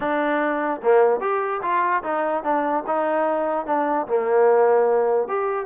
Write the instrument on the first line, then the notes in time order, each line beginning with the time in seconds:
trombone
0.00 D4
0.83 A#3
1.20 G4
1.62 F4
2.03 D#4
2.43 D4
2.86 D#4
3.66 D4
4.07 A#3
5.28 G4